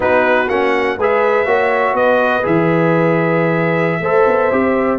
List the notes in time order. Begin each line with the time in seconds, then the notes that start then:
0.00 B3 D#4 F#4 B4
0.48 A#3 C#4 F#5
0.97 G#3 G#4 B4 E5
1.46 A#3 F#4 C#5
1.93 B3 B4 D#5
2.42 E3 G#4 E5
4.01 A3 A4 C5
4.26 B3
4.51 C4 G4